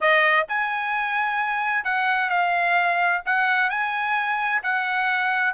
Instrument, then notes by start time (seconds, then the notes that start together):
trumpet
0.00 D#5
0.48 G#5
1.84 F#5
2.29 F5
3.25 F#5
3.69 G#5
4.62 F#5